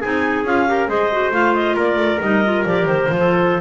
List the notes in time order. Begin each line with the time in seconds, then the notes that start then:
0.00 C4 D#4 G#4 G#5
0.44 C#4 F4 F5
0.67 G4 A#4
0.87 G#3 G#4 C5 D#5
1.11 F#4
1.31 A3 F4 F5
1.54 D#5
1.75 A#3 A#4 D5
1.96 A3
2.20 G3 D#4 D#5
2.44 F4
2.65 F3 G4 D5
2.85 D#3 C5
3.09 F3 F4
3.19 A4